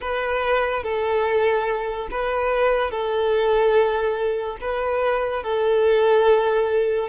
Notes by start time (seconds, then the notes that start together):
0.00 B4
0.83 A4
2.10 B4
2.90 A4
4.60 B4
5.43 A4